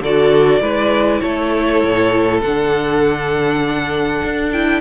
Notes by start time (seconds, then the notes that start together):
0.00 D3 F#4 A4 D5
0.60 G#3 E4 B4
1.21 A3 A4 C#5
1.84 A2
2.41 D3 D4 F#5
4.23 D4
4.52 E4 G5